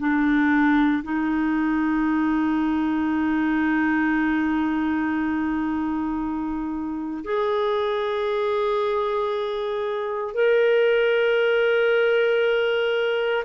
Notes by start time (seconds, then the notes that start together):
0.00 D4
1.04 D#4
7.25 G#4
10.34 A#4